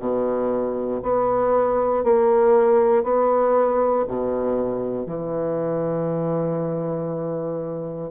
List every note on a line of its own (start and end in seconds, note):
0.00 1.02 B2
1.03 2.04 B3
2.04 3.04 A#3
3.04 4.05 B3
4.08 5.07 B2
5.07 8.11 E3